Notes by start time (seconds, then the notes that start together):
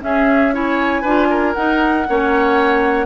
0.00 C#4 G#4 E5
0.52 E4 C#5 G#5
1.02 D4 F4 B4
1.30 A#4
1.54 D#4 F#5
2.09 A#3 C#4 C#5